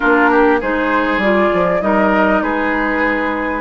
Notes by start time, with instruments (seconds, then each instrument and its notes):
0.00 bassoon A#3, clarinet D4, oboe F4, flute A#4
0.30 oboe G4
0.59 bassoon G#3, clarinet D#4, oboe G#4, flute C5
1.17 bassoon G3, clarinet F4, flute D5
1.53 bassoon F3
1.80 bassoon G3, clarinet D#4, oboe A#4, flute D#5
2.42 bassoon G#3, oboe G#4, flute B4